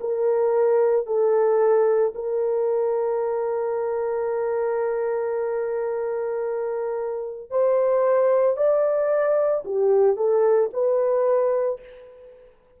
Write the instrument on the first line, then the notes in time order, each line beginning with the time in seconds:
horn
0.00 A#4
1.06 A4
2.14 A#4
7.50 C5
8.56 D5
9.64 G4
10.16 A4
10.73 B4